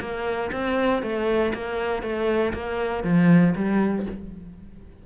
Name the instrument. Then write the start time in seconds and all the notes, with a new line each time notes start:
cello
0.00 A#3
0.52 C4
1.02 A3
1.54 A#3
2.02 A3
2.53 A#3
3.03 F3
3.55 G3